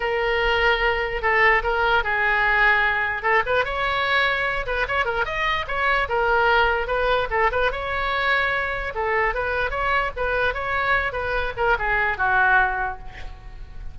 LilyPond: \new Staff \with { instrumentName = "oboe" } { \time 4/4 \tempo 4 = 148 ais'2. a'4 | ais'4 gis'2. | a'8 b'8 cis''2~ cis''8 b'8 | cis''8 ais'8 dis''4 cis''4 ais'4~ |
ais'4 b'4 a'8 b'8 cis''4~ | cis''2 a'4 b'4 | cis''4 b'4 cis''4. b'8~ | b'8 ais'8 gis'4 fis'2 | }